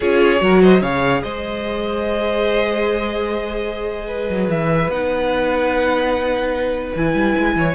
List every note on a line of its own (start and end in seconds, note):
0.00 0.41 C#4
0.00 0.38 F4
0.00 0.41 G#4
0.00 0.61 C#5
0.38 0.81 F#3
0.38 0.79 F#4
0.38 0.61 A#4
0.61 0.81 C5
0.61 0.82 D#5
0.81 1.22 C#3
0.81 4.90 G#4
0.81 1.21 C#5
0.81 1.22 F5
1.22 4.29 G#3
1.22 4.07 C5
1.22 4.49 D#5
4.07 7.54 B4
4.29 4.48 F#3
4.48 4.87 E3
4.48 4.90 E5
4.87 6.92 B3
4.87 6.95 D#4
4.87 6.94 F#5
6.95 7.14 E3
6.95 7.74 E4
6.95 7.74 G#5
7.14 7.34 G3
7.38 7.55 G#3
7.55 7.74 E3
7.55 7.74 C#5